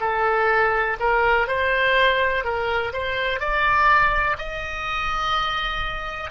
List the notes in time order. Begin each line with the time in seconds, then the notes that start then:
0.00 A4
0.99 A#4
1.47 C5
2.44 A#4
2.93 C5
3.40 D5
4.38 D#5